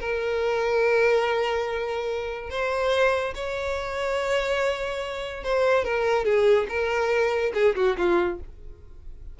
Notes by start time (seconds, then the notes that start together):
0.00 A#4
2.50 C5
3.35 C#5
5.44 C5
5.85 A#4
6.25 G#4
6.69 A#4
7.54 G#4
7.76 F#4
7.97 F4